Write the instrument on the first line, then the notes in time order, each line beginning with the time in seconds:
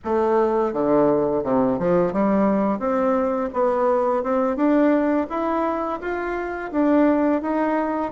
bassoon
0.04 A3
0.73 D3
1.43 C3
1.78 F3
2.12 G3
2.79 C4
3.53 B3
4.23 C4
4.56 D4
5.29 E4
6.00 F4
6.71 D4
7.41 D#4